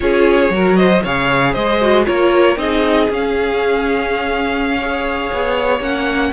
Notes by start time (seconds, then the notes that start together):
0.00 C#4 F4 G#4 C#5
0.49 F#3 F#4 A#4
0.76 C5 D#5
1.02 C#3 G#4 C#5 F5
1.52 G#3 C5 D#5
1.81 F#4
2.04 A#3 F4 A#4 C#5
2.56 C4 D#4 G#4 D#5
3.10 C#4 F5
4.77 G#4 C#5
5.32 B3
5.79 A#3 C#4 F#5